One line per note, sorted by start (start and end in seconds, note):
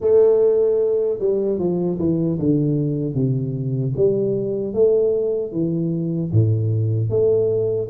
0.00 1.19 A3
1.19 1.58 G3
1.58 1.98 F3
1.98 2.38 E3
2.39 3.14 D3
3.14 3.93 C3
3.96 4.73 G3
4.73 5.52 A3
5.52 6.31 E3
6.32 7.09 A2
7.09 7.88 A3